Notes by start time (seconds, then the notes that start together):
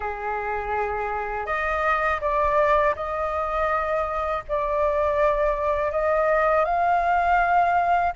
0.00 G#4
1.45 D#5
2.20 D5
2.95 D#5
4.48 D5
5.91 D#5
6.64 F5